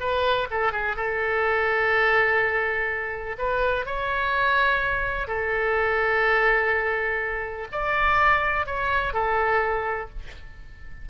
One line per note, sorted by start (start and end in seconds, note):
0.00 0.48 B4
0.51 0.72 A4
0.72 0.96 G#4
0.96 3.36 A4
3.38 3.86 B4
3.86 5.28 C#5
5.28 7.68 A4
7.72 8.66 D5
8.66 9.13 C#5
9.13 10.09 A4